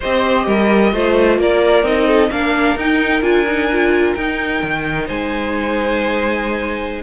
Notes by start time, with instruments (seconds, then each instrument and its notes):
0.00 cello C4, viola G4, violin C5 D#5
0.46 cello G3, violin A#4
0.92 cello A3, viola F4, violin C5
1.38 cello A#3, violin A#4 D5
1.83 cello C4, viola D#4, violin D#5
2.07 violin A4
2.31 cello A#3, viola D4, violin A#4 F5
2.75 cello D#4, viola D#4, violin G5
3.21 cello D4, viola F4, violin G#5
3.47 viola D#4
3.71 viola F4
4.14 cello D#4, viola D#4, violin G5
4.62 cello D#3
5.06 cello G#3, violin C5 G#5